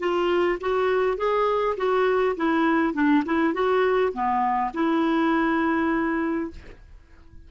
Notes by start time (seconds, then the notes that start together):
0.00 F4
0.61 F#4
1.18 G#4
1.78 F#4
2.37 E4
2.94 D4
3.26 E4
3.54 F#4
4.13 B3
4.74 E4